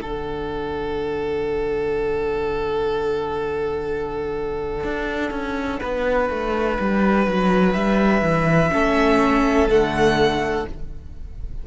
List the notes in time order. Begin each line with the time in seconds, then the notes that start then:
0.00 D3 D4 A4 F#5
4.84 D4
5.31 C#4
5.79 B3 B4
6.29 A3
6.80 G3
7.27 F#3
7.73 G3 E5
8.22 E3
8.72 A3 C#4 A4
9.68 D3 A3 F#5